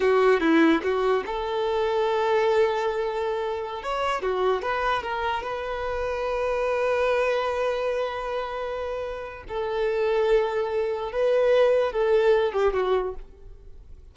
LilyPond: \new Staff \with { instrumentName = "violin" } { \time 4/4 \tempo 4 = 146 fis'4 e'4 fis'4 a'4~ | a'1~ | a'4~ a'16 cis''4 fis'4 b'8.~ | b'16 ais'4 b'2~ b'8.~ |
b'1~ | b'2. a'4~ | a'2. b'4~ | b'4 a'4. g'8 fis'4 | }